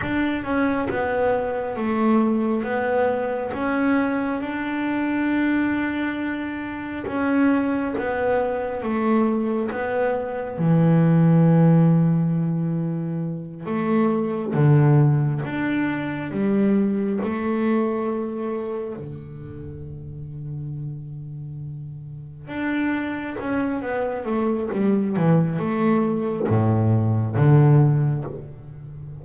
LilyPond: \new Staff \with { instrumentName = "double bass" } { \time 4/4 \tempo 4 = 68 d'8 cis'8 b4 a4 b4 | cis'4 d'2. | cis'4 b4 a4 b4 | e2.~ e8 a8~ |
a8 d4 d'4 g4 a8~ | a4. d2~ d8~ | d4. d'4 cis'8 b8 a8 | g8 e8 a4 a,4 d4 | }